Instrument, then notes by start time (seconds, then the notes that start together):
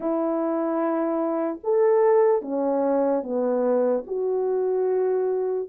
horn
0.00 E4
1.63 A4
2.41 C#4
3.22 B3
4.07 F#4